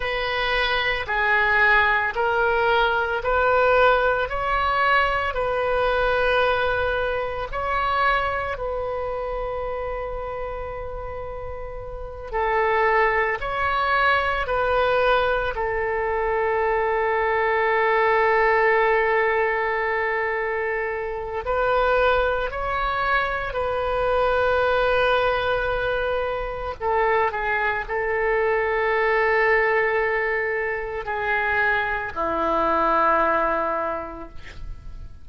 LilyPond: \new Staff \with { instrumentName = "oboe" } { \time 4/4 \tempo 4 = 56 b'4 gis'4 ais'4 b'4 | cis''4 b'2 cis''4 | b'2.~ b'8 a'8~ | a'8 cis''4 b'4 a'4.~ |
a'1 | b'4 cis''4 b'2~ | b'4 a'8 gis'8 a'2~ | a'4 gis'4 e'2 | }